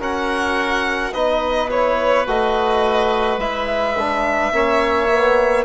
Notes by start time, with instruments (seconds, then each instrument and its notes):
0.00 trombone C#4, bassoon F#4, oboe A#4, violin F#5
1.13 bassoon B3, trombone D#4, oboe B4, violin D#5
1.70 trombone E4, violin C#5
2.27 bassoon A3, trombone F#4, violin D#5
3.37 bassoon G#3, trombone E4, violin E5
3.99 trombone D4
4.53 bassoon A#3, trombone C#4, oboe C#5
5.10 trombone B3